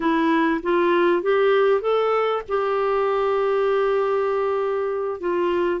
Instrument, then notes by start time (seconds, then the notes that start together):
clarinet
0.00 E4
0.62 F4
1.22 G4
1.81 A4
2.48 G4
5.20 F4